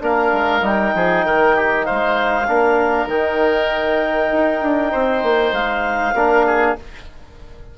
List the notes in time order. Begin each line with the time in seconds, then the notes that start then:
0.00 A#3 D4 A#4 F5
0.33 G#3
0.61 G3 D#4 G5
0.95 F3 G#4
1.25 D#3 A#4
1.56 G4
1.85 G#3 C5 F5
2.47 A#3 D4 A#4
3.07 D#3 D#4 G5
4.32 D#4
4.62 D4
4.92 C4 C5
5.23 A#3
5.52 G#3 F5
6.14 A#3 D4 A#4
6.46 G#4